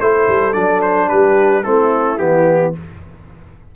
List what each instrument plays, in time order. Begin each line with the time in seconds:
0.00 tuba A3, trombone E4, horn A4, trumpet C5
0.28 tuba G3
0.52 tuba F#3, trombone D4, trumpet D5
0.82 trumpet C5
1.08 tuba G3, horn G4, trumpet B4
1.63 tuba A3, trombone C4, horn E4, trumpet A4
2.18 tuba E3, trombone B3, trumpet G4